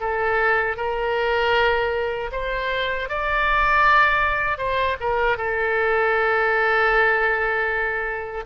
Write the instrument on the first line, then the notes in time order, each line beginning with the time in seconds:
oboe
0.00 A4
0.77 A#4
2.32 C5
3.09 D5
4.57 C5
5.00 A#4
5.37 A4